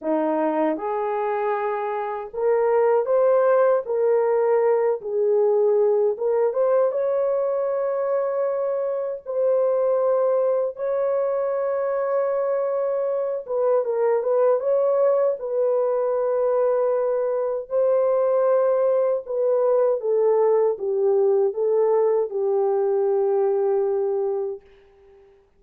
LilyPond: \new Staff \with { instrumentName = "horn" } { \time 4/4 \tempo 4 = 78 dis'4 gis'2 ais'4 | c''4 ais'4. gis'4. | ais'8 c''8 cis''2. | c''2 cis''2~ |
cis''4. b'8 ais'8 b'8 cis''4 | b'2. c''4~ | c''4 b'4 a'4 g'4 | a'4 g'2. | }